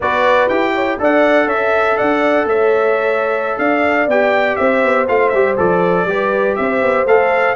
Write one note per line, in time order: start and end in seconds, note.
0.00 0.49 B3
0.00 0.50 F#4
0.00 0.73 B4
0.00 0.48 D5
0.48 0.98 E4
0.48 0.99 G4
0.48 0.98 G5
0.74 0.99 C#5
0.99 1.46 D4
0.99 4.09 A4
0.99 1.46 D5
0.99 1.48 F#5
1.46 1.96 C#4
1.46 1.59 C#5
1.46 1.97 E5
1.62 1.98 E5
1.97 2.45 D4
1.97 2.47 D5
1.97 2.47 F#5
2.45 3.57 A3
2.45 3.60 C#5
2.45 3.58 E5
3.58 4.07 D4
3.58 4.59 D5
3.58 4.08 F5
4.07 4.57 B3
4.07 5.07 G4
4.07 4.56 G5
4.56 4.84 C4
4.56 6.07 C5
4.56 5.05 E5
4.84 5.08 B3
5.07 5.33 A3
5.07 5.32 F4
5.07 5.29 F5
5.29 5.58 G3
5.29 5.57 G4
5.29 5.54 E5
5.57 6.05 F3
5.57 6.07 A4
5.57 6.55 D5
6.05 6.54 G3
6.05 7.07 G4
6.05 6.59 B4
6.55 6.82 C4
6.55 7.55 C5
6.55 7.05 E5
6.82 7.05 B3
7.05 7.54 A3
7.05 7.55 A4
7.05 7.55 F5